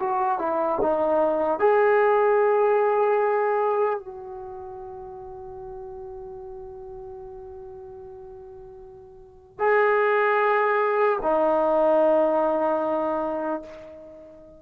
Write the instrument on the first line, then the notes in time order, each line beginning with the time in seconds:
trombone
0.00 F#4
0.39 E4
0.82 D#4
1.60 G#4
4.00 F#4
9.59 G#4
11.23 D#4